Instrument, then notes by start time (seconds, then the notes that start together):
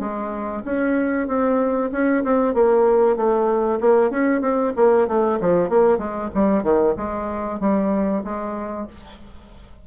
bassoon
0.00 G#3
0.65 C#4
1.28 C4
1.92 C#4
2.24 C4
2.54 A#3
3.16 A3
3.81 A#3
4.11 C#4
4.42 C4
4.76 A#3
5.08 A3
5.41 F3
5.70 A#3
5.98 G#3
6.35 G3
6.63 D#3
6.97 G#3
7.60 G3
8.24 G#3